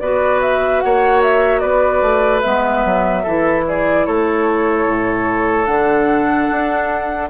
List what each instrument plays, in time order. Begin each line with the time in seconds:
0.00 bassoon B3, clarinet F#4, oboe B4, flute D5
0.41 flute E5
0.80 bassoon A#3, oboe C#5, flute F#5
1.22 flute E5
1.59 bassoon B3, oboe B4, flute D5
2.01 bassoon A3
2.41 bassoon G#3, clarinet B3, flute E5
2.85 bassoon F#3
3.23 bassoon E3, clarinet E4, oboe A4
3.67 oboe G#4, flute D5
4.06 bassoon A3, oboe A4, flute C#5
4.87 bassoon A2
5.66 bassoon D3, clarinet D4, flute F#5
6.51 bassoon D4